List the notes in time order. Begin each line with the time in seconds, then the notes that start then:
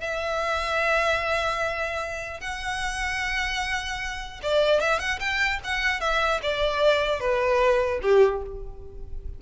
0.00 E5
2.40 F#5
4.43 D5
4.80 E5
4.99 F#5
5.19 G5
5.64 F#5
6.00 E5
6.42 D5
7.20 B4
8.02 G4